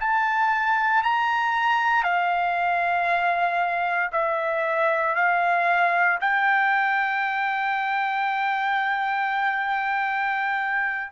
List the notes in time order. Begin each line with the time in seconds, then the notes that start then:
0.00 A5
1.03 A#5
2.04 F5
4.12 E5
5.15 F5
6.21 G5